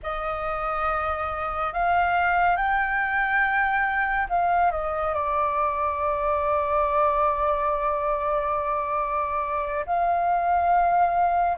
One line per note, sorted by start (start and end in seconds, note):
0.02 1.73 D#5
1.73 2.56 F5
2.56 4.27 G5
4.29 4.71 F5
4.71 5.14 D#5
5.14 9.85 D5
9.86 11.57 F5